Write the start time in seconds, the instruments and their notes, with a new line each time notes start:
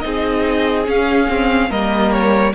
0.00 cello C4, viola D#4, violin G#4 D#5
0.85 viola C#4, cello C#4, violin F5
1.29 viola C4
1.70 cello G3, viola A#3, violin A#4 D#5
2.12 violin C#5